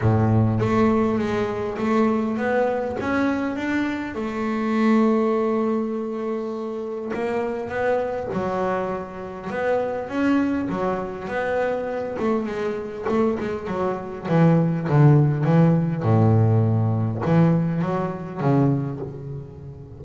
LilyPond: \new Staff \with { instrumentName = "double bass" } { \time 4/4 \tempo 4 = 101 a,4 a4 gis4 a4 | b4 cis'4 d'4 a4~ | a1 | ais4 b4 fis2 |
b4 cis'4 fis4 b4~ | b8 a8 gis4 a8 gis8 fis4 | e4 d4 e4 a,4~ | a,4 e4 fis4 cis4 | }